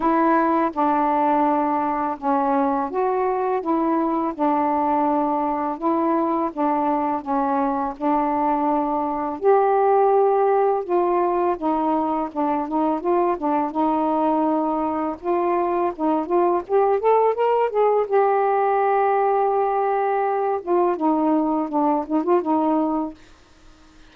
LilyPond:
\new Staff \with { instrumentName = "saxophone" } { \time 4/4 \tempo 4 = 83 e'4 d'2 cis'4 | fis'4 e'4 d'2 | e'4 d'4 cis'4 d'4~ | d'4 g'2 f'4 |
dis'4 d'8 dis'8 f'8 d'8 dis'4~ | dis'4 f'4 dis'8 f'8 g'8 a'8 | ais'8 gis'8 g'2.~ | g'8 f'8 dis'4 d'8 dis'16 f'16 dis'4 | }